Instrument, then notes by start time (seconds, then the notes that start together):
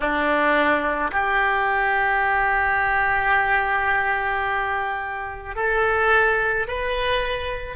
oboe
0.00 D4
1.11 G4
5.56 A4
6.67 B4